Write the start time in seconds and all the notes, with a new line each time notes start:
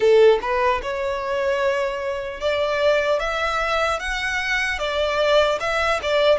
0.00 A4
0.41 B4
0.82 C#5
2.40 D5
3.19 E5
3.99 F#5
4.78 D5
5.60 E5
6.02 D5